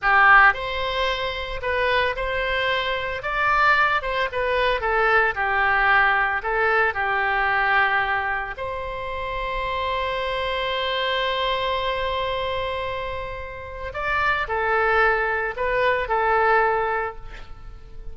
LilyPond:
\new Staff \with { instrumentName = "oboe" } { \time 4/4 \tempo 4 = 112 g'4 c''2 b'4 | c''2 d''4. c''8 | b'4 a'4 g'2 | a'4 g'2. |
c''1~ | c''1~ | c''2 d''4 a'4~ | a'4 b'4 a'2 | }